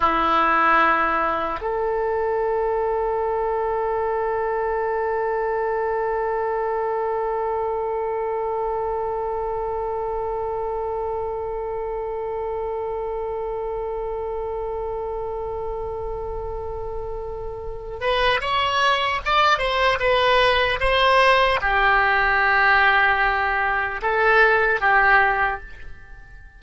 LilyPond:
\new Staff \with { instrumentName = "oboe" } { \time 4/4 \tempo 4 = 75 e'2 a'2~ | a'1~ | a'1~ | a'1~ |
a'1~ | a'2~ a'8 b'8 cis''4 | d''8 c''8 b'4 c''4 g'4~ | g'2 a'4 g'4 | }